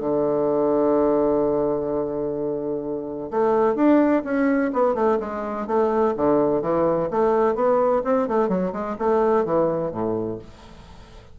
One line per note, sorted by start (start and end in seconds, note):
0.00 3.31 D3
3.31 3.76 A3
3.76 4.23 D4
4.25 4.72 C#4
4.74 4.95 B3
4.95 5.19 A3
5.20 5.67 G#3
5.67 6.15 A3
6.17 6.62 D3
6.62 7.09 E3
7.11 7.55 A3
7.55 8.03 B3
8.04 8.28 C4
8.28 8.49 A3
8.49 8.73 F#3
8.73 8.97 G#3
8.99 9.45 A3
9.45 9.92 E3
9.92 10.39 A2